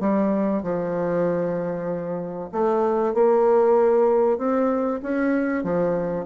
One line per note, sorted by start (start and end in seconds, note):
0.00 0.62 G3
0.62 2.50 F3
2.52 3.14 A3
3.14 4.38 A#3
4.38 5.01 C4
5.03 5.63 C#4
5.63 6.26 F3